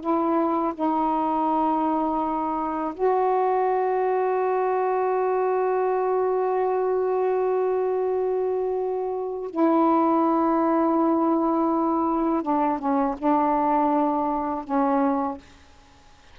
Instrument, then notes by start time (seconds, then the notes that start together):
saxophone
0.00 E4
0.74 D#4
2.94 F#4
9.50 E4
12.42 D4
12.78 C#4
13.18 D4
14.64 C#4